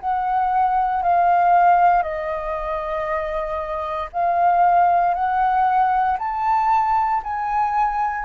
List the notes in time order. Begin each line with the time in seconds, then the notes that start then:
0.00 F#5
1.03 F5
2.02 D#5
4.12 F5
5.13 F#5
6.18 A5
7.23 G#5